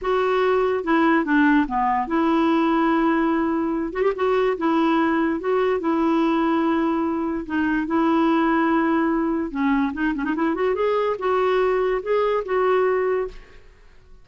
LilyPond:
\new Staff \with { instrumentName = "clarinet" } { \time 4/4 \tempo 4 = 145 fis'2 e'4 d'4 | b4 e'2.~ | e'4. fis'16 g'16 fis'4 e'4~ | e'4 fis'4 e'2~ |
e'2 dis'4 e'4~ | e'2. cis'4 | dis'8 cis'16 dis'16 e'8 fis'8 gis'4 fis'4~ | fis'4 gis'4 fis'2 | }